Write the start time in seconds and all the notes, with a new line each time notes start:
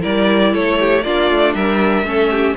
0.00 G3 E4 A#4 D5
0.53 A3 A4 C#5
0.80 G4
1.03 A#3 D4 F4 D5
1.31 A3
1.54 G3 A#4 E5
2.03 A3 C#4 A4
2.31 G4